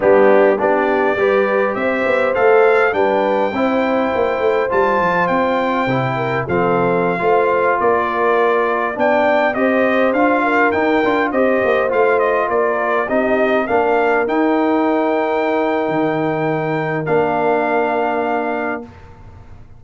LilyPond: <<
  \new Staff \with { instrumentName = "trumpet" } { \time 4/4 \tempo 4 = 102 g'4 d''2 e''4 | f''4 g''2. | a''4 g''2 f''4~ | f''4~ f''16 d''2 g''8.~ |
g''16 dis''4 f''4 g''4 dis''8.~ | dis''16 f''8 dis''8 d''4 dis''4 f''8.~ | f''16 g''2.~ g''8.~ | g''4 f''2. | }
  \new Staff \with { instrumentName = "horn" } { \time 4/4 d'4 g'4 b'4 c''4~ | c''4 b'4 c''2~ | c''2~ c''8 ais'8 a'4~ | a'16 c''4 ais'2 d''8.~ |
d''16 c''4. ais'4. c''8.~ | c''4~ c''16 ais'4 g'4 ais'8.~ | ais'1~ | ais'1 | }
  \new Staff \with { instrumentName = "trombone" } { \time 4/4 b4 d'4 g'2 | a'4 d'4 e'2 | f'2 e'4 c'4~ | c'16 f'2. d'8.~ |
d'16 g'4 f'4 dis'8 f'8 g'8.~ | g'16 f'2 dis'4 d'8.~ | d'16 dis'2.~ dis'8.~ | dis'4 d'2. | }
  \new Staff \with { instrumentName = "tuba" } { \time 4/4 g4 b4 g4 c'8 b8 | a4 g4 c'4 ais8 a8 | g8 f8 c'4 c4 f4~ | f16 a4 ais2 b8.~ |
b16 c'4 d'4 dis'8 d'8 c'8 ais16~ | ais16 a4 ais4 c'4 ais8.~ | ais16 dis'2~ dis'8. dis4~ | dis4 ais2. | }
>>